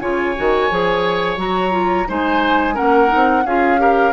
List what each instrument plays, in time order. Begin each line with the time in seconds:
0.00 bassoon C#3, clarinet F4, oboe C#5, flute G#5
0.36 bassoon D#3, clarinet F#4
0.71 bassoon F3, clarinet G#4
1.37 bassoon F#3, clarinet F#4, flute A#5
1.71 clarinet F4
2.08 bassoon G#3, clarinet D#4, oboe C5, flute G#5
2.75 bassoon A#3, clarinet C#4, oboe A#4, flute F#5
3.08 clarinet D#4
3.15 bassoon C4
3.45 bassoon C#4, clarinet F4, oboe G#4, flute F5
3.78 clarinet G4, oboe A#4